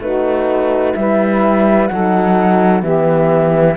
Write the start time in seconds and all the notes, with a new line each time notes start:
0.00 A3 D#4 F#4 B4
0.95 G3 E4 B4 E5
1.87 F#3 D#4 A4 F#5
2.82 E3 B3 G4 E5